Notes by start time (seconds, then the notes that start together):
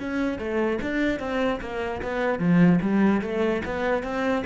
0.00 C#4
0.38 A3
0.82 D4
1.19 C4
1.61 A#3
2.02 B3
2.39 F3
2.81 G3
3.22 A3
3.65 B3
4.03 C4